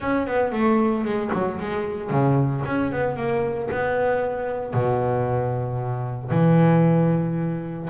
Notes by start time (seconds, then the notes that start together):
0.00 C#4
0.26 B3
0.52 A3
1.04 G#3
1.33 F#3
1.59 G#3
2.10 C#3
2.65 C#4
2.92 B3
3.16 A#3
3.71 B3
4.73 B2
6.30 E3